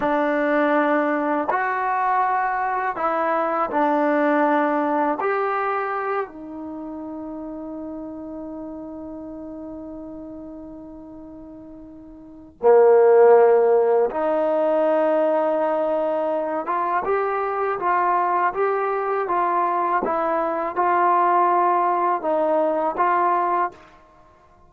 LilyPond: \new Staff \with { instrumentName = "trombone" } { \time 4/4 \tempo 4 = 81 d'2 fis'2 | e'4 d'2 g'4~ | g'8 dis'2.~ dis'8~ | dis'1~ |
dis'4 ais2 dis'4~ | dis'2~ dis'8 f'8 g'4 | f'4 g'4 f'4 e'4 | f'2 dis'4 f'4 | }